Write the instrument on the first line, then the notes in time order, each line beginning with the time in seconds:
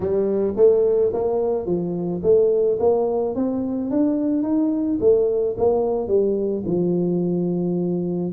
tuba
0.00 G3
0.56 A3
1.13 A#3
1.66 F3
2.22 A3
2.79 A#3
3.35 C4
3.90 D4
4.42 D#4
5.00 A3
5.57 A#3
6.07 G3
6.65 F3